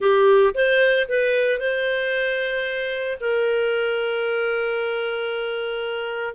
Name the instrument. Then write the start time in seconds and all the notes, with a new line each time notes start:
clarinet
0.00 G4
0.54 C5
1.08 B4
1.59 C5
3.20 A#4